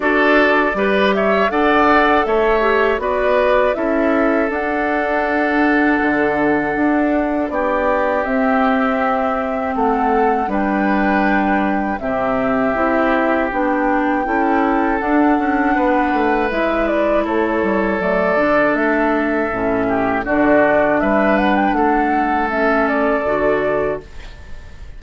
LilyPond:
<<
  \new Staff \with { instrumentName = "flute" } { \time 4/4 \tempo 4 = 80 d''4. e''8 fis''4 e''4 | d''4 e''4 fis''2~ | fis''2 d''4 e''4~ | e''4 fis''4 g''2 |
e''2 g''2 | fis''2 e''8 d''8 cis''4 | d''4 e''2 d''4 | e''8 fis''16 g''16 fis''4 e''8 d''4. | }
  \new Staff \with { instrumentName = "oboe" } { \time 4/4 a'4 b'8 cis''8 d''4 cis''4 | b'4 a'2.~ | a'2 g'2~ | g'4 a'4 b'2 |
g'2. a'4~ | a'4 b'2 a'4~ | a'2~ a'8 g'8 fis'4 | b'4 a'2. | }
  \new Staff \with { instrumentName = "clarinet" } { \time 4/4 fis'4 g'4 a'4. g'8 | fis'4 e'4 d'2~ | d'2. c'4~ | c'2 d'2 |
c'4 e'4 d'4 e'4 | d'2 e'2 | a8 d'4. cis'4 d'4~ | d'2 cis'4 fis'4 | }
  \new Staff \with { instrumentName = "bassoon" } { \time 4/4 d'4 g4 d'4 a4 | b4 cis'4 d'2 | d4 d'4 b4 c'4~ | c'4 a4 g2 |
c4 c'4 b4 cis'4 | d'8 cis'8 b8 a8 gis4 a8 g8 | fis8 d8 a4 a,4 d4 | g4 a2 d4 | }
>>